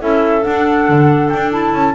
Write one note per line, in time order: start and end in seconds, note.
0.00 0.45 C#4
0.00 0.41 E4
0.00 1.95 A4
0.00 0.44 E5
0.41 1.49 D4
0.41 0.89 D4
0.41 1.29 F#5
0.89 1.32 D3
1.29 1.74 D4
1.29 1.51 G5
1.50 1.93 E4
1.50 1.95 A5
1.74 1.95 C#4